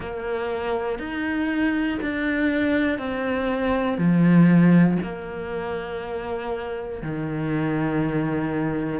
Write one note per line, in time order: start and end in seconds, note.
0.00 0.98 A#3
0.98 1.98 D#4
2.02 2.98 D4
2.98 3.98 C4
3.98 4.97 F3
5.02 7.02 A#3
7.02 9.00 D#3